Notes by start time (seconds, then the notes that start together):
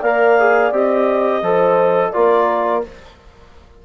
0.00 A#3 A#4 D5 F5
0.40 G#4
0.72 C4 G4 D#5
1.42 F3 A4 C5
2.12 A#3 F4 A#4 D5